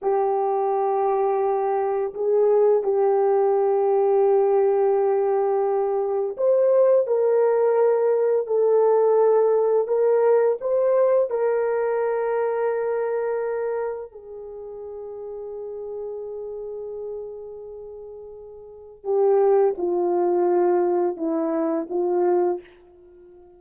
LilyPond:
\new Staff \with { instrumentName = "horn" } { \time 4/4 \tempo 4 = 85 g'2. gis'4 | g'1~ | g'4 c''4 ais'2 | a'2 ais'4 c''4 |
ais'1 | gis'1~ | gis'2. g'4 | f'2 e'4 f'4 | }